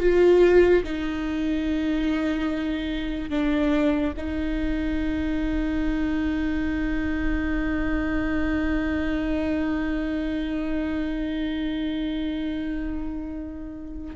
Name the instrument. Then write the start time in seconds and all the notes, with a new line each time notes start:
viola
0.00 F4
0.84 D#4
3.30 D4
4.17 D#4